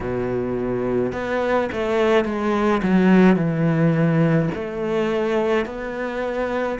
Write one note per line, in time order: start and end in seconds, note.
0.00 1.12 B2
1.12 1.69 B3
1.72 2.24 A3
2.24 2.81 G#3
2.83 3.36 F#3
3.36 4.49 E3
4.54 5.65 A3
5.65 6.78 B3